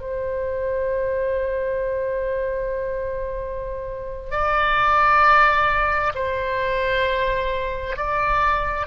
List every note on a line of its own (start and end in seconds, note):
0.00 4.31 C5
4.31 6.12 D5
6.14 7.96 C5
7.96 8.87 D5